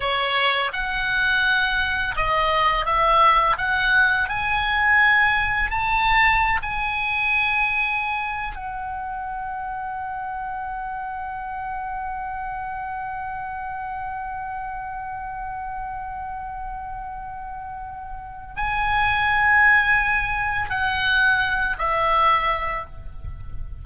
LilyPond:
\new Staff \with { instrumentName = "oboe" } { \time 4/4 \tempo 4 = 84 cis''4 fis''2 dis''4 | e''4 fis''4 gis''2 | a''4~ a''16 gis''2~ gis''8. | fis''1~ |
fis''1~ | fis''1~ | fis''2 gis''2~ | gis''4 fis''4. e''4. | }